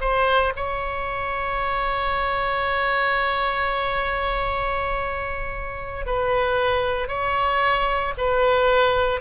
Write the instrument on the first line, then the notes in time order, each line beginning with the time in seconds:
oboe
0.00 C5
0.56 C#5
6.06 B4
7.08 C#5
8.17 B4